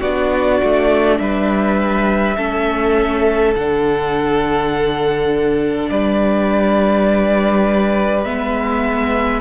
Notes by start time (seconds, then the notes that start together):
0.00 B3 D4 F#4 D5
0.63 A3
1.18 G3 B4 E5
2.37 A3 C#4 A4
3.55 D3 D4 F#5
5.90 G3 B4 D5
8.25 G#3 B3 E5